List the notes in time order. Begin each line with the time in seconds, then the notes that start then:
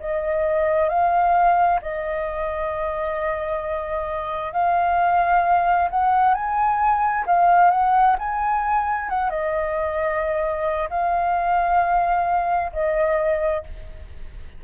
0.00 D#5
0.89 F5
1.82 D#5
4.53 F5
5.90 F#5
6.35 G#5
7.26 F5
7.71 F#5
8.19 G#5
9.10 F#5
9.30 D#5
10.90 F5
12.73 D#5